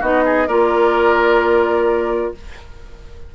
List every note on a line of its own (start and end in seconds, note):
0.00 0.48 B3
0.00 0.48 D#4
0.00 0.23 F#4
0.00 0.48 D#5
0.25 0.47 G#4
0.47 2.34 A#3
0.47 2.34 F4
0.47 2.33 A#4
0.47 2.34 D5